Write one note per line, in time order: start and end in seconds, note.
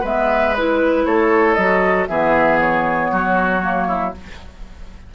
0.00 1.05 G#3
0.00 0.54 B3
0.00 1.03 B4
0.00 0.54 E5
0.54 1.57 E4
0.54 1.05 B4
1.05 1.57 A3
1.05 2.08 A4
1.05 1.54 C#5
1.54 2.08 F#3
1.54 2.08 F#4
1.54 2.05 D#5
2.08 3.11 E3
2.08 3.61 B3
2.08 3.11 G#4
2.08 2.59 E5
2.60 4.14 C#5
3.11 4.14 F#3
3.11 3.87 F#4
3.61 4.12 A#3
3.87 4.13 E4